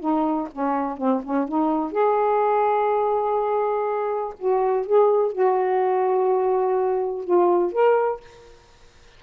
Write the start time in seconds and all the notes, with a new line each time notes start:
0.00 D#4
0.52 C#4
0.98 C4
1.24 C#4
1.48 D#4
1.92 G#4
4.39 F#4
4.87 G#4
5.32 F#4
7.25 F4
7.72 A#4